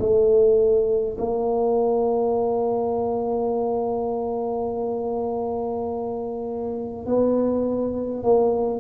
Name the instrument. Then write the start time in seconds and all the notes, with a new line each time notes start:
tuba
0.00 A3
1.19 A#3
7.06 B3
8.24 A#3